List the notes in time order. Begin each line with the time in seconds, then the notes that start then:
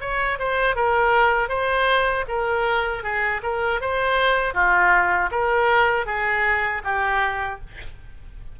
0.00 C#5
0.38 C5
0.75 A#4
1.48 C5
2.28 A#4
3.03 G#4
3.42 A#4
3.81 C5
4.54 F4
5.31 A#4
6.06 G#4
6.84 G4